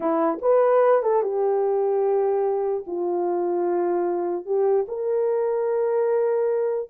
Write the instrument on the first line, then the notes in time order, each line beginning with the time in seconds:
horn
0.00 E4
0.41 B4
1.02 A4
1.22 G4
2.86 F4
4.45 G4
4.87 A#4